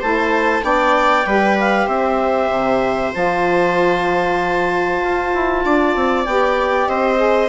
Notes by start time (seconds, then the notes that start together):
0.00 A3 E4 C5 A5
0.61 B3 D4 D5 G5
1.26 G3 G4 B4
1.59 F5
1.87 C4 C5 E5
2.50 C3
3.13 F3 F4 A5
5.02 F4
5.34 E4
5.64 D4 D5
5.95 C4
6.25 B3 G4 G5
6.87 C4 C5 D#5
7.16 G#4